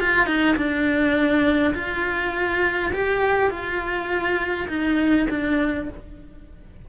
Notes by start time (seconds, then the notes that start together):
0.00 F4
0.26 D#4
0.56 D4
1.74 F4
2.93 G4
3.50 F4
4.68 D#4
5.30 D4